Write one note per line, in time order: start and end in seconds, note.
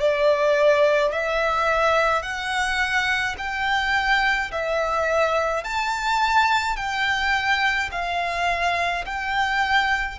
0.00 1.12 D5
1.12 2.22 E5
2.22 3.36 F#5
3.38 4.51 G5
4.52 5.64 E5
5.64 6.77 A5
6.77 7.90 G5
7.91 9.05 F5
9.06 10.19 G5